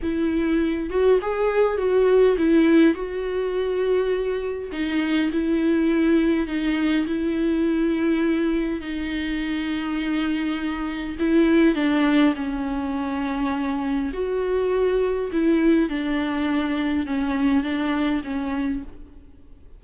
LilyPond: \new Staff \with { instrumentName = "viola" } { \time 4/4 \tempo 4 = 102 e'4. fis'8 gis'4 fis'4 | e'4 fis'2. | dis'4 e'2 dis'4 | e'2. dis'4~ |
dis'2. e'4 | d'4 cis'2. | fis'2 e'4 d'4~ | d'4 cis'4 d'4 cis'4 | }